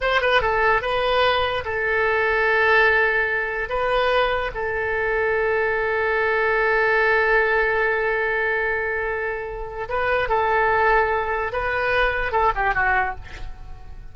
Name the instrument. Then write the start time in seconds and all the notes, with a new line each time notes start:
oboe
0.01 C5
0.21 B4
0.41 A4
0.81 B4
1.65 A4
3.69 B4
4.54 A4
9.88 B4
10.29 A4
11.52 B4
12.31 A4
12.55 G4
12.74 F#4